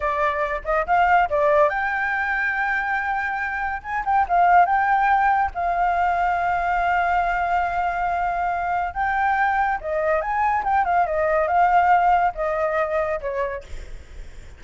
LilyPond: \new Staff \with { instrumentName = "flute" } { \time 4/4 \tempo 4 = 141 d''4. dis''8 f''4 d''4 | g''1~ | g''4 gis''8 g''8 f''4 g''4~ | g''4 f''2.~ |
f''1~ | f''4 g''2 dis''4 | gis''4 g''8 f''8 dis''4 f''4~ | f''4 dis''2 cis''4 | }